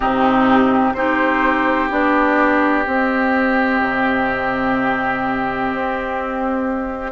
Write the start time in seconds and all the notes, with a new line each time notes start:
0.00 C3 C4 D#4 G4
0.94 C4 D#4 G4 C5
1.89 B3 D4 D5
2.85 C4 D#5
3.80 C3
5.72 C4